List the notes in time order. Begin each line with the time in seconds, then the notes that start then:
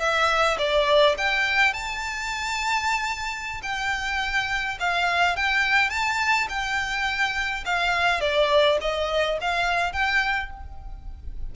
0.00 E5
0.58 D5
1.18 G5
1.74 A5
3.63 G5
4.80 F5
5.36 G5
5.90 A5
6.49 G5
7.65 F5
8.21 D5
8.81 D#5
9.41 F5
9.93 G5